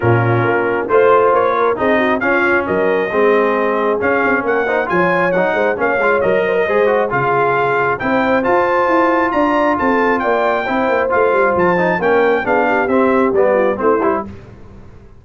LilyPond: <<
  \new Staff \with { instrumentName = "trumpet" } { \time 4/4 \tempo 4 = 135 ais'2 c''4 cis''4 | dis''4 f''4 dis''2~ | dis''4 f''4 fis''4 gis''4 | fis''4 f''4 dis''2 |
f''2 g''4 a''4~ | a''4 ais''4 a''4 g''4~ | g''4 f''4 a''4 g''4 | f''4 e''4 d''4 c''4 | }
  \new Staff \with { instrumentName = "horn" } { \time 4/4 f'2 c''4. ais'8 | gis'8 fis'8 f'4 ais'4 gis'4~ | gis'2 ais'8 c''8 cis''4~ | cis''8 c''8 cis''4. c''16 ais'16 c''4 |
gis'2 c''2~ | c''4 d''4 a'4 d''4 | c''2. ais'4 | gis'8 g'2 f'8 e'4 | }
  \new Staff \with { instrumentName = "trombone" } { \time 4/4 cis'2 f'2 | dis'4 cis'2 c'4~ | c'4 cis'4. dis'8 f'4 | dis'4 cis'8 f'8 ais'4 gis'8 fis'8 |
f'2 e'4 f'4~ | f'1 | e'4 f'4. dis'8 cis'4 | d'4 c'4 b4 c'8 e'8 | }
  \new Staff \with { instrumentName = "tuba" } { \time 4/4 ais,4 ais4 a4 ais4 | c'4 cis'4 fis4 gis4~ | gis4 cis'8 c'8 ais4 f4 | fis8 gis8 ais8 gis8 fis4 gis4 |
cis2 c'4 f'4 | e'4 d'4 c'4 ais4 | c'8 ais8 a8 g8 f4 ais4 | b4 c'4 g4 a8 g8 | }
>>